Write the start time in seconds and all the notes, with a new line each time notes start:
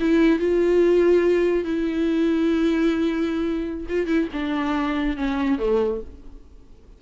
0.00 E4
0.39 F4
1.65 E4
3.89 F4
4.07 E4
4.33 D4
5.17 C#4
5.59 A3